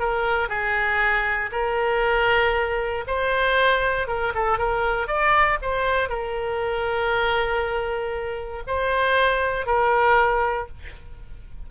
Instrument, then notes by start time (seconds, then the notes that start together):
oboe
0.00 A#4
0.49 G#4
1.52 A#4
3.08 C5
4.08 A#4
4.35 A4
4.59 A#4
5.08 D5
5.62 C5
6.09 A#4
8.67 C5
9.67 A#4